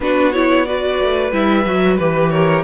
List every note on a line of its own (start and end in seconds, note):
0.00 0.99 B3
0.00 0.34 D4
0.00 0.67 F#4
0.00 0.32 B4
0.32 0.65 E4
0.32 0.65 C#5
0.65 1.31 F#4
0.65 2.31 B4
0.65 1.31 D5
1.00 1.32 A3
1.32 1.65 G3
1.32 1.65 E4
1.32 1.96 E5
1.65 1.98 F#3
1.65 1.99 F#4
1.96 2.63 E3
1.96 2.63 G4
1.96 2.29 B4
2.30 2.63 A#4
2.30 2.63 C#5